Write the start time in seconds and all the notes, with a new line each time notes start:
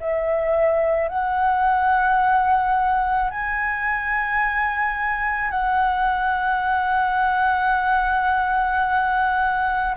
0.00 E5
1.09 F#5
3.30 G#5
5.51 F#5